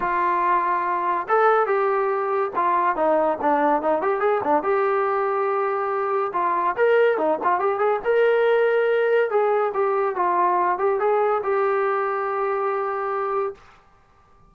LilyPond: \new Staff \with { instrumentName = "trombone" } { \time 4/4 \tempo 4 = 142 f'2. a'4 | g'2 f'4 dis'4 | d'4 dis'8 g'8 gis'8 d'8 g'4~ | g'2. f'4 |
ais'4 dis'8 f'8 g'8 gis'8 ais'4~ | ais'2 gis'4 g'4 | f'4. g'8 gis'4 g'4~ | g'1 | }